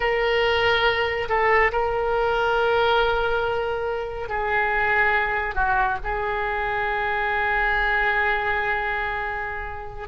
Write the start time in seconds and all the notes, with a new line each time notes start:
0.00 A#4
1.28 A4
1.72 A#4
4.28 G#4
5.54 F#4
6.03 G#4